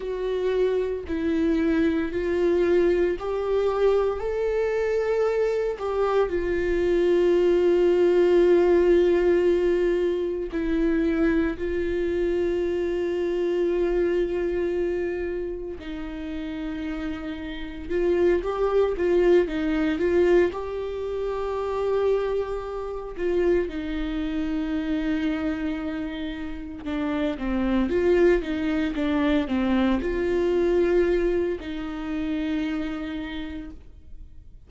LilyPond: \new Staff \with { instrumentName = "viola" } { \time 4/4 \tempo 4 = 57 fis'4 e'4 f'4 g'4 | a'4. g'8 f'2~ | f'2 e'4 f'4~ | f'2. dis'4~ |
dis'4 f'8 g'8 f'8 dis'8 f'8 g'8~ | g'2 f'8 dis'4.~ | dis'4. d'8 c'8 f'8 dis'8 d'8 | c'8 f'4. dis'2 | }